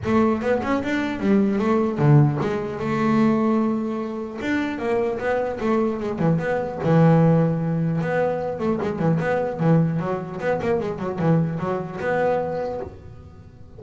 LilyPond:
\new Staff \with { instrumentName = "double bass" } { \time 4/4 \tempo 4 = 150 a4 b8 cis'8 d'4 g4 | a4 d4 gis4 a4~ | a2. d'4 | ais4 b4 a4 gis8 e8 |
b4 e2. | b4. a8 gis8 e8 b4 | e4 fis4 b8 ais8 gis8 fis8 | e4 fis4 b2 | }